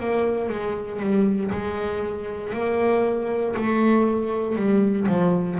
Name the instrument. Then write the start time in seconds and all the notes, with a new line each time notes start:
double bass
0.00 A#3
0.49 G#3
1.00 G3
1.52 G#3
2.54 A#3
3.56 A3
4.56 G3
5.08 F3